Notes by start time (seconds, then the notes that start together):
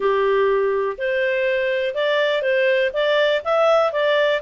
0.00 G4
0.98 C5
1.94 D5
2.41 C5
2.93 D5
3.44 E5
3.92 D5